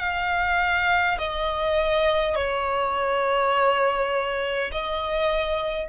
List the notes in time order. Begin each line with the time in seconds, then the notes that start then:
0.00 F5
1.18 D#5
2.35 C#5
4.72 D#5